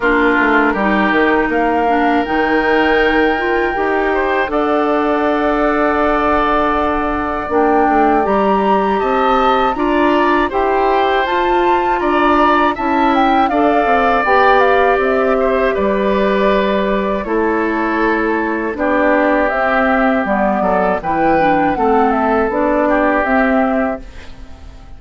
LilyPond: <<
  \new Staff \with { instrumentName = "flute" } { \time 4/4 \tempo 4 = 80 ais'2 f''4 g''4~ | g''2 fis''2~ | fis''2 g''4 ais''4 | a''4 ais''4 g''4 a''4 |
ais''4 a''8 g''8 f''4 g''8 f''8 | e''4 d''2 cis''4~ | cis''4 d''4 e''4 d''4 | g''4 fis''8 e''8 d''4 e''4 | }
  \new Staff \with { instrumentName = "oboe" } { \time 4/4 f'4 g'4 ais'2~ | ais'4. c''8 d''2~ | d''1 | dis''4 d''4 c''2 |
d''4 e''4 d''2~ | d''8 c''8 b'2 a'4~ | a'4 g'2~ g'8 a'8 | b'4 a'4. g'4. | }
  \new Staff \with { instrumentName = "clarinet" } { \time 4/4 d'4 dis'4. d'8 dis'4~ | dis'8 f'8 g'4 a'2~ | a'2 d'4 g'4~ | g'4 f'4 g'4 f'4~ |
f'4 e'4 a'4 g'4~ | g'2. e'4~ | e'4 d'4 c'4 b4 | e'8 d'8 c'4 d'4 c'4 | }
  \new Staff \with { instrumentName = "bassoon" } { \time 4/4 ais8 a8 g8 dis8 ais4 dis4~ | dis4 dis'4 d'2~ | d'2 ais8 a8 g4 | c'4 d'4 e'4 f'4 |
d'4 cis'4 d'8 c'8 b4 | c'4 g2 a4~ | a4 b4 c'4 g8 fis8 | e4 a4 b4 c'4 | }
>>